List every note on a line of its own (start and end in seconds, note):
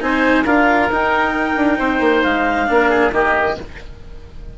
0.00 0.45 C4
0.00 0.44 D#4
0.00 0.45 C5
0.00 0.45 G#5
0.45 0.90 D4
0.45 0.91 F4
0.45 1.78 A#4
0.45 0.90 F5
0.91 1.56 D#4
0.91 2.66 D#4
0.91 2.22 G5
1.56 1.78 D4
1.78 2.00 C4
1.78 2.67 C5
2.00 2.22 A#3
2.22 2.69 G#3
2.22 3.11 F5
2.66 3.11 A#3
2.66 3.11 D4
2.66 2.89 A#4
2.89 3.12 G#4
3.11 3.56 D#3
3.11 3.56 A#3
3.11 3.58 G4
3.11 3.58 D#5